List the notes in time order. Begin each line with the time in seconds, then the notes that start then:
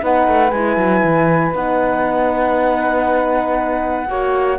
0.00 B3 D#4 B4 F#5
0.27 A3
0.50 G#3 E4 G#5
0.76 F#3
1.04 E3
1.53 B3 D#4 F#5
4.08 A#3 F#4 C#5